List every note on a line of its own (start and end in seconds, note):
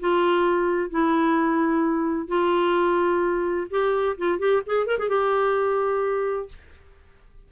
0.00 0.90 F4
0.90 2.28 E4
2.28 3.68 F4
3.70 4.17 G4
4.18 4.39 F4
4.39 4.62 G4
4.66 4.87 G#4
4.87 4.98 A#4
4.99 5.09 G#4
5.09 6.49 G4